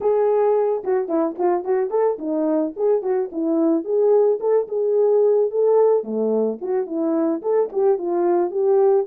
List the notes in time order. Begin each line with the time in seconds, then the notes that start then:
0.00 G#4
0.84 F#4
1.08 E4
1.38 F4
1.64 F#4
1.90 A4
2.18 D#4
2.76 G#4
3.02 F#4
3.32 E4
3.84 G#4
4.40 A4
4.68 G#4
5.50 A4
6.03 A3
6.61 F#4
6.86 E4
7.42 A4
7.72 G4
7.98 F4
8.50 G4